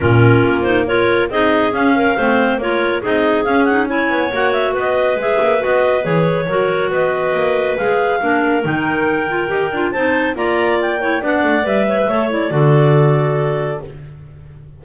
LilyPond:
<<
  \new Staff \with { instrumentName = "clarinet" } { \time 4/4 \tempo 4 = 139 ais'4. c''8 cis''4 dis''4 | f''2 cis''4 dis''4 | f''8 fis''8 gis''4 fis''8 e''8 dis''4 | e''4 dis''4 cis''2 |
dis''2 f''2 | g''2. a''4 | ais''4 g''4 fis''4 e''4~ | e''8 d''2.~ d''8 | }
  \new Staff \with { instrumentName = "clarinet" } { \time 4/4 f'2 ais'4 gis'4~ | gis'8 ais'8 c''4 ais'4 gis'4~ | gis'4 cis''2 b'4~ | b'2. ais'4 |
b'2. ais'4~ | ais'2. c''4 | d''4. cis''8 d''4. cis''16 b'16 | cis''4 a'2. | }
  \new Staff \with { instrumentName = "clarinet" } { \time 4/4 cis'4. dis'8 f'4 dis'4 | cis'4 c'4 f'4 dis'4 | cis'8 dis'8 e'4 fis'2 | gis'4 fis'4 gis'4 fis'4~ |
fis'2 gis'4 d'4 | dis'4. f'8 g'8 f'8 dis'4 | f'4. e'8 d'4 b'4 | a'8 e'8 fis'2. | }
  \new Staff \with { instrumentName = "double bass" } { \time 4/4 ais,4 ais2 c'4 | cis'4 a4 ais4 c'4 | cis'4. b8 ais4 b4 | gis8 ais8 b4 e4 fis4 |
b4 ais4 gis4 ais4 | dis2 dis'8 d'8 c'4 | ais2 b8 a8 g4 | a4 d2. | }
>>